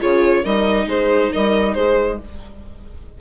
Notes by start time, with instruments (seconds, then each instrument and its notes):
0.00 bassoon C#3, viola F4, horn G#4, violin C#5
0.43 bassoon G3, viola D#4, horn A#4, violin D#5
0.87 bassoon G#3, horn G#4, violin C5
1.33 bassoon G3, horn A#4, violin D#5
1.74 bassoon G#3, horn G#4, violin C5